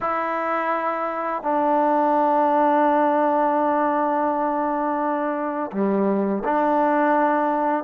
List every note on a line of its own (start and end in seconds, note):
0.00 1.42 E4
1.42 5.71 D4
5.71 6.43 G3
6.44 7.84 D4